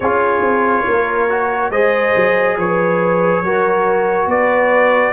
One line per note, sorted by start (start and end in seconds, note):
0.00 0.41 C#4
0.00 1.29 F4
0.00 0.85 G#4
0.00 1.71 C#5
0.41 0.84 C4
0.87 1.70 A#3
0.87 1.71 A#4
1.29 1.72 F#4
1.70 2.13 G#3
1.70 3.44 G#4
1.70 2.57 C5
1.70 2.56 D#5
2.15 2.57 F#3
2.57 3.42 F3
2.57 3.44 B4
2.57 4.29 C#5
3.42 4.26 F#3
3.42 5.13 F#4
3.42 4.27 A#4
4.26 5.12 B3
4.26 5.13 B4
4.26 5.13 D5